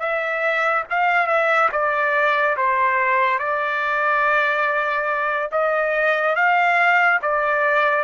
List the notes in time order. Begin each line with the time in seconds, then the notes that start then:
0.00 E5
0.91 F5
1.27 E5
1.72 D5
2.57 C5
3.39 D5
5.52 D#5
6.36 F5
7.23 D5